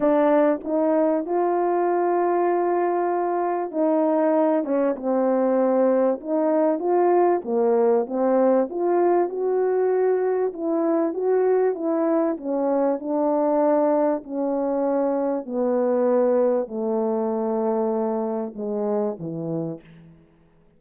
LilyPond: \new Staff \with { instrumentName = "horn" } { \time 4/4 \tempo 4 = 97 d'4 dis'4 f'2~ | f'2 dis'4. cis'8 | c'2 dis'4 f'4 | ais4 c'4 f'4 fis'4~ |
fis'4 e'4 fis'4 e'4 | cis'4 d'2 cis'4~ | cis'4 b2 a4~ | a2 gis4 e4 | }